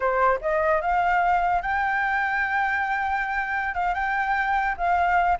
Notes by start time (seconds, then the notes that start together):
0.00 C5
0.41 D#5
0.81 F5
1.62 G5
3.74 F5
3.94 G5
4.77 F5